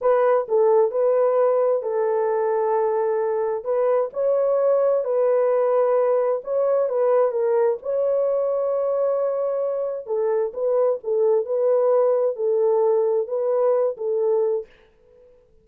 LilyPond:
\new Staff \with { instrumentName = "horn" } { \time 4/4 \tempo 4 = 131 b'4 a'4 b'2 | a'1 | b'4 cis''2 b'4~ | b'2 cis''4 b'4 |
ais'4 cis''2.~ | cis''2 a'4 b'4 | a'4 b'2 a'4~ | a'4 b'4. a'4. | }